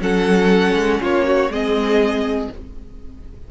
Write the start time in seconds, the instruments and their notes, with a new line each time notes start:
0.00 cello F#3, viola C#4, violin A4 F#5
0.74 cello G#3
1.00 cello A#3, violin F4 C#5
1.25 violin F#4
1.49 cello G#3, viola C4, violin G#4 D#5